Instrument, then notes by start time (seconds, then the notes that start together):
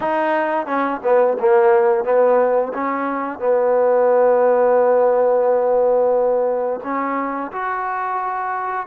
trombone
0.00 D#4
0.66 C#4
1.03 B3
1.39 A#3
2.04 B3
2.73 C#4
3.39 B3
6.83 C#4
7.52 F#4